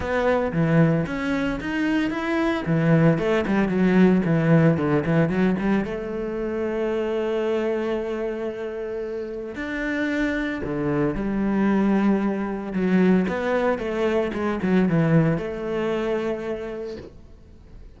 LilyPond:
\new Staff \with { instrumentName = "cello" } { \time 4/4 \tempo 4 = 113 b4 e4 cis'4 dis'4 | e'4 e4 a8 g8 fis4 | e4 d8 e8 fis8 g8 a4~ | a1~ |
a2 d'2 | d4 g2. | fis4 b4 a4 gis8 fis8 | e4 a2. | }